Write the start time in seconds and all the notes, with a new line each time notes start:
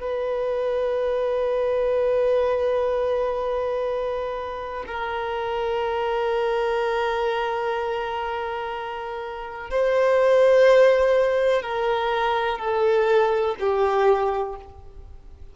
0.00 B4
4.87 A#4
9.70 C5
11.62 A#4
12.58 A4
13.59 G4